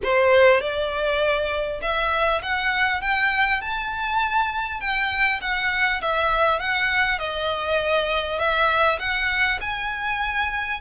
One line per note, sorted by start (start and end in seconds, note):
0.03 0.60 C5
0.60 1.80 D5
1.81 2.41 E5
2.42 3.01 F#5
3.01 3.61 G5
3.61 4.80 A5
4.80 5.40 G5
5.41 6.01 F#5
6.01 6.59 E5
6.59 7.18 F#5
7.18 8.38 D#5
8.38 8.98 E5
8.99 9.59 F#5
9.61 10.81 G#5